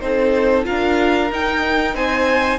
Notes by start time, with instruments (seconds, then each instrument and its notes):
0.00 cello C4, viola D#4, violin A4 C5
0.64 cello D4, viola F4, violin A#4 F5
1.31 cello D#4, viola D#4, violin G5
1.94 cello C4, violin C5 G#5